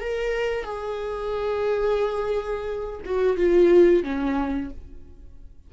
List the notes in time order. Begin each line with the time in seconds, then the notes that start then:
0.00 A#4
0.63 G#4
3.05 F#4
3.36 F4
4.03 C#4